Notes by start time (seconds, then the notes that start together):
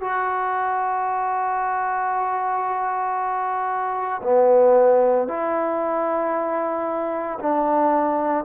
0.00 F#4
4.22 B3
5.28 E4
7.39 D4